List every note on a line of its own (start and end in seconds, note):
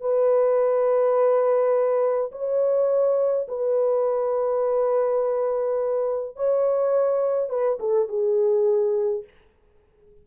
0.00 2.31 B4
2.32 3.47 C#5
3.48 6.36 B4
6.36 7.49 C#5
7.49 7.78 B4
7.79 8.08 A4
8.08 9.24 G#4